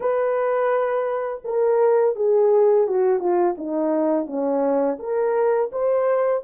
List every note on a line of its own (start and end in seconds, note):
0.00 1.42 B4
1.44 2.15 A#4
2.15 2.87 G#4
2.87 3.19 F#4
3.19 3.55 F4
3.57 4.26 D#4
4.26 4.98 C#4
4.99 5.70 A#4
5.72 6.43 C5